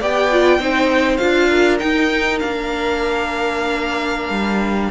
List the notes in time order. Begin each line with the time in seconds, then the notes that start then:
0.00 B3 G4 D5 G5
0.31 F4
0.59 C4 D#4 C5
1.17 D4 F4 F5
1.49 A#4
1.79 D#4 G5
2.39 A#3 D4 F5
4.29 G3